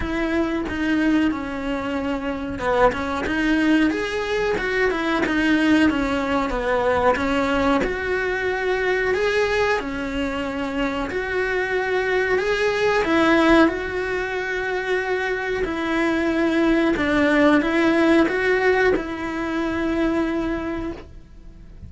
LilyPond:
\new Staff \with { instrumentName = "cello" } { \time 4/4 \tempo 4 = 92 e'4 dis'4 cis'2 | b8 cis'8 dis'4 gis'4 fis'8 e'8 | dis'4 cis'4 b4 cis'4 | fis'2 gis'4 cis'4~ |
cis'4 fis'2 gis'4 | e'4 fis'2. | e'2 d'4 e'4 | fis'4 e'2. | }